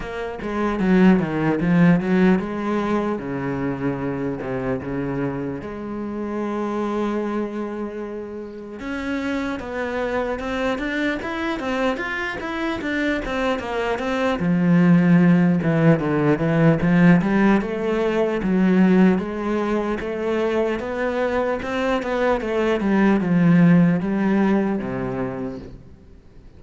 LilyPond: \new Staff \with { instrumentName = "cello" } { \time 4/4 \tempo 4 = 75 ais8 gis8 fis8 dis8 f8 fis8 gis4 | cis4. c8 cis4 gis4~ | gis2. cis'4 | b4 c'8 d'8 e'8 c'8 f'8 e'8 |
d'8 c'8 ais8 c'8 f4. e8 | d8 e8 f8 g8 a4 fis4 | gis4 a4 b4 c'8 b8 | a8 g8 f4 g4 c4 | }